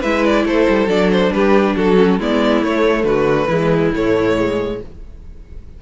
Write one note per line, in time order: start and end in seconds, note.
0.00 0.45 G#3
0.00 0.88 E4
0.00 0.43 B4
0.00 0.24 E5
0.25 0.46 D5
0.45 0.66 A3
0.45 1.33 A4
0.45 0.89 C5
0.69 0.87 G3
0.87 1.30 F#3
0.87 1.96 D4
0.87 1.11 D5
1.11 1.32 C5
1.32 1.75 G3
1.32 1.76 G4
1.32 1.76 B4
1.76 2.19 F#3
1.76 2.19 F#4
1.76 2.20 A4
1.96 2.18 C#4
2.19 2.62 G#3
2.19 2.64 B3
2.19 3.05 E4
2.19 2.64 D5
2.62 3.04 A3
2.62 3.50 A3
2.62 3.04 C#5
3.04 3.47 D3
3.04 3.47 F#4
3.04 3.91 B4
3.47 3.92 E3
3.47 3.93 G#3
3.47 4.78 E4
3.93 4.80 A2
3.93 4.37 A3
3.93 4.82 C#5
4.37 4.80 G#3